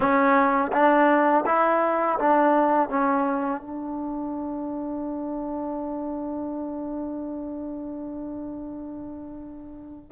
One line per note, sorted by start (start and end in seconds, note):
0.00 0.71 C#4
0.72 1.44 D4
1.46 2.18 E4
2.19 2.89 D4
2.89 3.61 C#4
3.61 10.11 D4